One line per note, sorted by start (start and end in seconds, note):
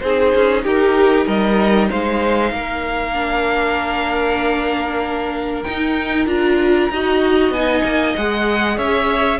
0.00 0.34 C4
0.00 3.14 D#4
0.00 0.64 G#4
0.00 0.62 C5
0.35 0.66 C#4
0.64 1.27 D#4
0.64 1.26 G4
0.64 1.28 A#4
1.26 1.90 G3
1.26 1.88 A#4
1.26 1.90 D#5
1.90 2.52 G#3
1.90 2.52 C5
1.90 5.63 F5
2.52 5.64 A#3
2.52 6.93 A#4
3.14 5.64 D4
5.63 6.27 D#4
5.63 6.26 G5
6.27 6.89 D4
6.27 6.89 F4
6.27 7.53 A#5
6.90 7.50 D#4
6.90 7.55 F#4
6.90 8.78 D#5
7.50 7.82 B3
7.50 8.17 D#4
7.50 8.15 G#5
7.84 8.15 A#3
8.16 8.78 G#3
8.16 9.40 G#4
8.16 8.78 F#5
8.78 9.40 C#4
8.78 9.40 C#5
8.78 9.40 E5